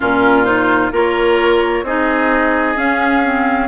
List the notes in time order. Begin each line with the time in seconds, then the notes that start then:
0.00 A#2 C#4 F4 A#4
0.44 D#4 C5
0.91 A#3 F4 A#4 C#5
1.82 C4 D#4 G#4 D#5
2.76 C#4 F5
3.23 C4